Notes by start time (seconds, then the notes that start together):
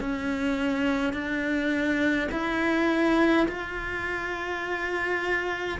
0.00 C#4
1.13 D4
2.31 E4
3.48 F4